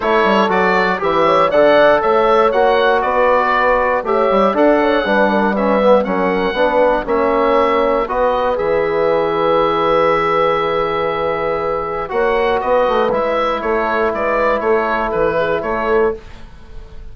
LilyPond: <<
  \new Staff \with { instrumentName = "oboe" } { \time 4/4 \tempo 4 = 119 cis''4 d''4 e''4 fis''4 | e''4 fis''4 d''2 | e''4 fis''2 e''4 | fis''2 e''2 |
dis''4 e''2.~ | e''1 | fis''4 dis''4 e''4 cis''4 | d''4 cis''4 b'4 cis''4 | }
  \new Staff \with { instrumentName = "horn" } { \time 4/4 a'2 b'8 cis''8 d''4 | cis''2 b'2 | cis''4 d''8 cis''8 b'8 ais'8 b'4 | ais'4 b'4 cis''2 |
b'1~ | b'1 | cis''4 b'2 a'4 | b'4 a'4. gis'8 a'4 | }
  \new Staff \with { instrumentName = "trombone" } { \time 4/4 e'4 fis'4 g'4 a'4~ | a'4 fis'2. | g'4 a'4 d'4 cis'8 b8 | cis'4 d'4 cis'2 |
fis'4 gis'2.~ | gis'1 | fis'2 e'2~ | e'1 | }
  \new Staff \with { instrumentName = "bassoon" } { \time 4/4 a8 g8 fis4 e4 d4 | a4 ais4 b2 | a8 g8 d'4 g2 | fis4 b4 ais2 |
b4 e2.~ | e1 | ais4 b8 a8 gis4 a4 | gis4 a4 e4 a4 | }
>>